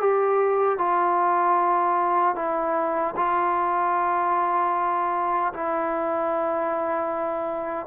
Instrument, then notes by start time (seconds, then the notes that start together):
trombone
0.00 G4
0.78 F4
2.36 E4
3.16 F4
5.54 E4